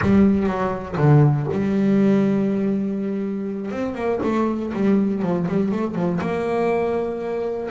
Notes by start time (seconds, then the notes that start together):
0.01 G3
0.47 F#3
0.97 D3
1.51 G3
3.71 C4
3.94 A#3
4.23 A3
4.73 G3
5.22 F3
5.47 G3
5.71 A3
5.95 F3
6.21 A#3